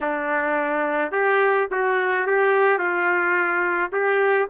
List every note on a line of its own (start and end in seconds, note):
0.01 1.11 D4
1.11 1.67 G4
1.71 2.27 F#4
2.27 2.78 G4
2.78 3.90 F4
3.92 4.48 G4